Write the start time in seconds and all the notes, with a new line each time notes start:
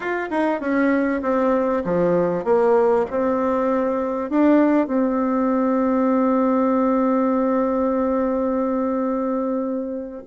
0.00 F4
0.30 D#4
0.60 C#4
1.22 C4
1.84 F3
2.44 A#3
3.10 C4
4.30 D4
4.87 C4